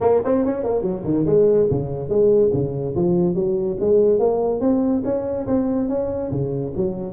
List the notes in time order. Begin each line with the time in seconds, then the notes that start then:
0.00 A#3
0.24 C4
0.45 C#4
0.63 A#3
0.82 F#3
1.04 D#3
1.26 G#3
1.70 C#3
2.09 G#3
2.53 C#3
2.95 F3
3.34 F#3
3.80 G#3
4.19 A#3
4.60 C4
5.04 C#4
5.47 C4
5.88 C#4
6.31 C#3
6.76 F#3